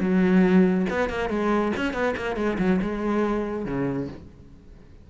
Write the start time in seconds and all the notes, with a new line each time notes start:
0.00 F#3
0.90 B3
1.09 A#3
1.29 G#3
1.76 C#4
1.93 B3
2.16 A#3
2.36 G#3
2.58 F#3
2.81 G#3
3.65 C#3